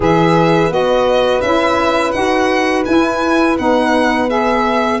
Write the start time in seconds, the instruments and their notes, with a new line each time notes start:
0.00 tuba E3, saxophone G#4, horn B4, violin E5
0.70 tuba B3, saxophone F#4, violin D#5
1.41 tuba C#4, saxophone E4, violin E5
2.11 tuba D#4, saxophone F#4, violin F#5
2.85 saxophone E4, tuba E4, violin G#5
3.58 tuba B3, saxophone D#4, violin F#5
4.28 saxophone G#4, violin E5